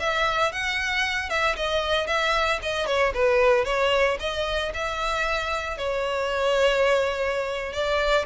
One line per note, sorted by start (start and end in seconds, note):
0.00 0.52 E5
0.52 1.30 F#5
1.30 1.56 E5
1.56 2.07 D#5
2.07 2.60 E5
2.63 2.87 D#5
2.87 3.13 C#5
3.15 3.65 B4
3.65 4.18 C#5
4.20 4.73 D#5
4.74 5.78 E5
5.78 7.73 C#5
7.73 8.26 D5